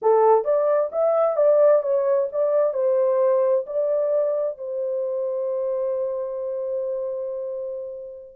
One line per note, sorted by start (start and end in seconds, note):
0.02 0.44 A4
0.44 0.90 D5
0.92 1.36 E5
1.36 1.82 D5
1.82 2.28 C#5
2.32 2.73 D5
2.73 3.65 C5
3.66 4.58 D5
4.58 8.35 C5